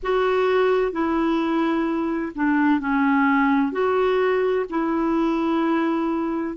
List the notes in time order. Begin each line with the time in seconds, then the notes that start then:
0.03 F#4
0.92 E4
2.35 D4
2.80 C#4
3.72 F#4
4.69 E4